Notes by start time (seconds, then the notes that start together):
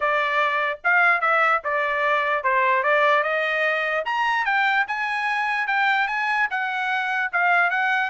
0.00 D5
0.84 F5
1.20 E5
1.64 D5
2.43 C5
2.83 D5
3.23 D#5
4.05 A#5
4.45 G5
4.87 G#5
5.67 G5
6.07 G#5
6.50 F#5
7.32 F5
7.70 F#5